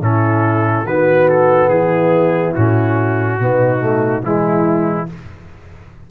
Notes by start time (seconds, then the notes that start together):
0.00 A2 C#4 E4 A4
0.83 D#3 B3 F#4 B4
1.29 A4
1.68 E3 E4 G#4
2.54 A2 C#4 F#4
3.39 B2 B3 D#4
3.79 A3
4.22 E3 G#3 E4